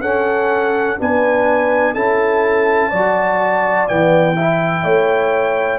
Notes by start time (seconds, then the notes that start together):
0.00 C#4 A4 F#5
0.98 B3 D4 B4 G#5
1.94 C#4 E4 A4 A5
2.89 F#3 F#4 D5
3.88 E3 B3 G5
4.36 E4 E5
4.84 A3 C#5